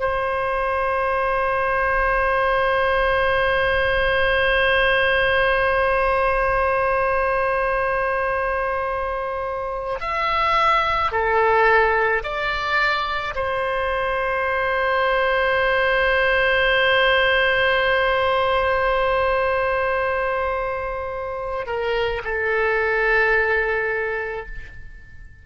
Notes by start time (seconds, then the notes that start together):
0.00 C5
10.01 E5
11.12 A4
12.24 D5
13.36 C5
21.67 A#4
22.24 A4